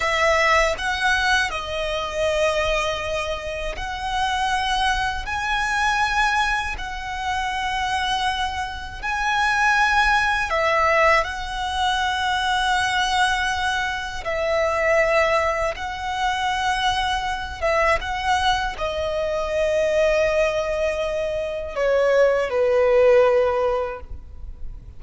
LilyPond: \new Staff \with { instrumentName = "violin" } { \time 4/4 \tempo 4 = 80 e''4 fis''4 dis''2~ | dis''4 fis''2 gis''4~ | gis''4 fis''2. | gis''2 e''4 fis''4~ |
fis''2. e''4~ | e''4 fis''2~ fis''8 e''8 | fis''4 dis''2.~ | dis''4 cis''4 b'2 | }